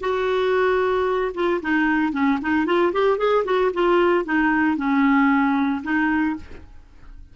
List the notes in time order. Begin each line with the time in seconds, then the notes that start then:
0.00 F#4
1.34 F4
1.62 D#4
2.12 C#4
2.41 D#4
2.66 F4
2.92 G4
3.18 G#4
3.44 F#4
3.73 F4
4.24 D#4
4.77 C#4
5.83 D#4